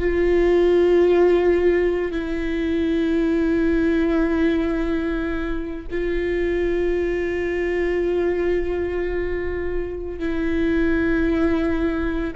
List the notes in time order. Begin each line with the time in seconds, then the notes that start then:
0.00 F4
2.12 E4
5.91 F4
10.19 E4